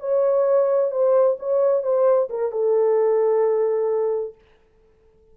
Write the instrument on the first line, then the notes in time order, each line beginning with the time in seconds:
horn
0.00 C#5
0.91 C5
1.39 C#5
1.83 C5
2.30 A#4
2.51 A4